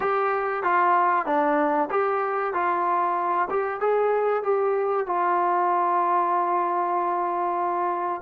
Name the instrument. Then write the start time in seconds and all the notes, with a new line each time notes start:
trombone
0.00 G4
0.63 F4
1.26 D4
1.90 G4
2.53 F4
3.49 G4
3.80 G#4
4.43 G4
5.06 F4